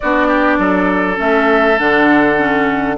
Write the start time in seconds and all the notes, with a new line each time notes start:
0.00 B3 D4 F#4 D5
0.27 G4
0.58 F#3 A4
1.16 A3 C#4 E5
1.78 D3 D4 F#5
2.37 C#4